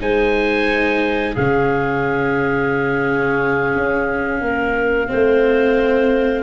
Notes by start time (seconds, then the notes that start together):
0.00 G#3 D#4 C5 G#5
1.33 C#3 C#4 G#4 F5
3.75 C#4
4.41 A#3 A#4
5.07 C4 C5
5.13 A3